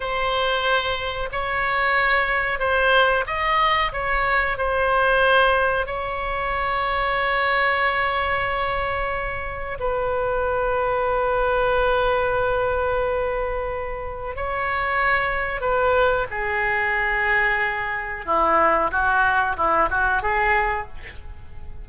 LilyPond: \new Staff \with { instrumentName = "oboe" } { \time 4/4 \tempo 4 = 92 c''2 cis''2 | c''4 dis''4 cis''4 c''4~ | c''4 cis''2.~ | cis''2. b'4~ |
b'1~ | b'2 cis''2 | b'4 gis'2. | e'4 fis'4 e'8 fis'8 gis'4 | }